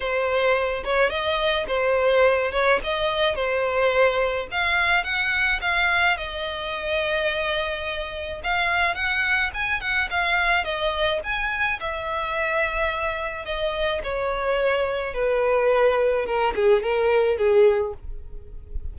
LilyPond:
\new Staff \with { instrumentName = "violin" } { \time 4/4 \tempo 4 = 107 c''4. cis''8 dis''4 c''4~ | c''8 cis''8 dis''4 c''2 | f''4 fis''4 f''4 dis''4~ | dis''2. f''4 |
fis''4 gis''8 fis''8 f''4 dis''4 | gis''4 e''2. | dis''4 cis''2 b'4~ | b'4 ais'8 gis'8 ais'4 gis'4 | }